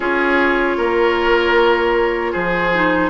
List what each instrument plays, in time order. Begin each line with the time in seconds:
0.00 bassoon C#4, clarinet F4, oboe G#4, flute C#5
0.77 bassoon A#3, oboe A#4
2.32 bassoon F3, oboe G#4, flute C5
2.73 clarinet D#4